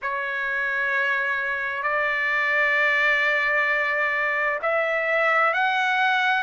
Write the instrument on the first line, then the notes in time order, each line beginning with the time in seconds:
trumpet
0.02 C#5
1.82 D5
4.62 E5
5.53 F#5